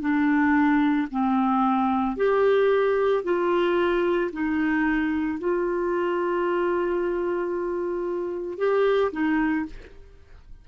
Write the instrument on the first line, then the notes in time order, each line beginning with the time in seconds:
clarinet
0.00 D4
1.11 C4
2.16 G4
3.23 F4
4.32 D#4
5.39 F4
8.58 G4
9.12 D#4